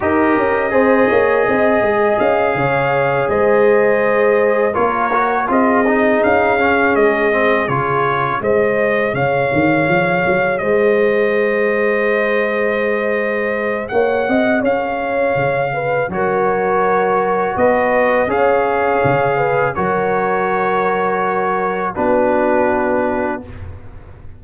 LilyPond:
<<
  \new Staff \with { instrumentName = "trumpet" } { \time 4/4 \tempo 4 = 82 dis''2. f''4~ | f''8 dis''2 cis''4 dis''8~ | dis''8 f''4 dis''4 cis''4 dis''8~ | dis''8 f''2 dis''4.~ |
dis''2. fis''4 | f''2 cis''2 | dis''4 f''2 cis''4~ | cis''2 b'2 | }
  \new Staff \with { instrumentName = "horn" } { \time 4/4 ais'4 c''8 cis''8 dis''4. cis''8~ | cis''8 c''2 ais'4 gis'8~ | gis'2.~ gis'8 c''8~ | c''8 cis''2 c''4.~ |
c''2. cis''8 dis''8 | cis''4. b'8 ais'2 | b'4 cis''4. b'8 ais'4~ | ais'2 fis'2 | }
  \new Staff \with { instrumentName = "trombone" } { \time 4/4 g'4 gis'2.~ | gis'2~ gis'8 f'8 fis'8 f'8 | dis'4 cis'4 c'8 f'4 gis'8~ | gis'1~ |
gis'1~ | gis'2 fis'2~ | fis'4 gis'2 fis'4~ | fis'2 d'2 | }
  \new Staff \with { instrumentName = "tuba" } { \time 4/4 dis'8 cis'8 c'8 ais8 c'8 gis8 cis'8 cis8~ | cis8 gis2 ais4 c'8~ | c'8 cis'4 gis4 cis4 gis8~ | gis8 cis8 dis8 f8 fis8 gis4.~ |
gis2. ais8 c'8 | cis'4 cis4 fis2 | b4 cis'4 cis4 fis4~ | fis2 b2 | }
>>